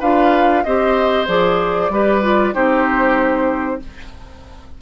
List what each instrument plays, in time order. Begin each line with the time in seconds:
0.00 bassoon D4, clarinet F4, oboe B4, flute F5
0.64 bassoon C4, clarinet G4, oboe C5, flute D#5
1.27 bassoon F3, clarinet G#4, flute D5
1.90 bassoon G3, clarinet G4, oboe B4
2.22 clarinet F4
2.53 bassoon C4, clarinet D#4, oboe G4, flute C5